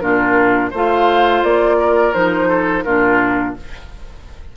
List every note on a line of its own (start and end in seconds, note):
0.00 0.73 A#2
0.00 0.72 D4
0.00 0.71 F4
0.00 0.71 A#4
0.71 1.44 A3
0.71 2.14 F4
0.71 1.77 C5
0.77 1.44 F5
1.44 2.14 A#3
1.44 2.14 D5
1.80 2.49 A#4
2.14 2.85 F3
2.14 2.84 D#4
2.14 2.84 C5
2.49 2.84 A4
2.84 3.56 A#2
2.84 3.57 D4
2.84 3.55 F4
2.84 3.54 A#4